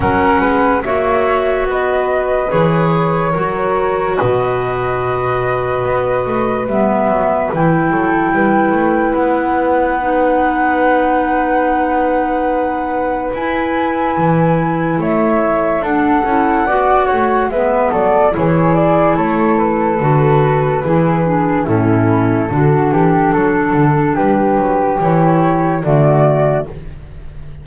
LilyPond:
<<
  \new Staff \with { instrumentName = "flute" } { \time 4/4 \tempo 4 = 72 fis''4 e''4 dis''4 cis''4~ | cis''4 dis''2. | e''4 g''2 fis''4~ | fis''1 |
gis''2 e''4 fis''4~ | fis''4 e''8 d''8 cis''8 d''8 cis''8 b'8~ | b'2 a'2~ | a'4 b'4 cis''4 d''4 | }
  \new Staff \with { instrumentName = "flute" } { \time 4/4 ais'8 b'8 cis''4 b'2 | ais'4 b'2.~ | b'4. a'8 b'2~ | b'1~ |
b'2 cis''4 a'4 | d''8 cis''8 b'8 a'8 gis'4 a'4~ | a'4 gis'4 e'4 fis'8 g'8 | a'4 g'2 fis'4 | }
  \new Staff \with { instrumentName = "clarinet" } { \time 4/4 cis'4 fis'2 gis'4 | fis'1 | b4 e'2. | dis'1 |
e'2. d'8 e'8 | fis'4 b4 e'2 | fis'4 e'8 d'8 cis'4 d'4~ | d'2 e'4 a4 | }
  \new Staff \with { instrumentName = "double bass" } { \time 4/4 fis8 gis8 ais4 b4 e4 | fis4 b,2 b8 a8 | g8 fis8 e8 fis8 g8 a8 b4~ | b1 |
e'4 e4 a4 d'8 cis'8 | b8 a8 gis8 fis8 e4 a4 | d4 e4 a,4 d8 e8 | fis8 d8 g8 fis8 e4 d4 | }
>>